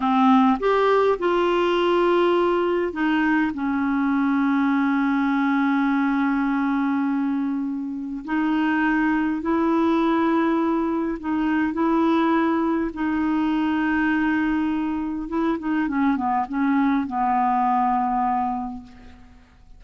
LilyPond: \new Staff \with { instrumentName = "clarinet" } { \time 4/4 \tempo 4 = 102 c'4 g'4 f'2~ | f'4 dis'4 cis'2~ | cis'1~ | cis'2 dis'2 |
e'2. dis'4 | e'2 dis'2~ | dis'2 e'8 dis'8 cis'8 b8 | cis'4 b2. | }